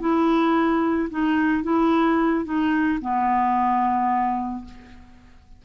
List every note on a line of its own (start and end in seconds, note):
0.00 1.09 E4
1.10 1.63 D#4
1.63 2.44 E4
2.44 2.99 D#4
3.01 4.65 B3